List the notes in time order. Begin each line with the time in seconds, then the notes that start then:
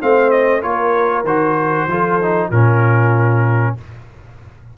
0.00 A3 C4 C5 F5
0.30 D#5
0.62 A#3 F4 A#4 C#5
1.24 D#3 F#4 C5
1.87 F3 F4 A4
2.21 D#4
2.48 A#2 C#4 F4 A#4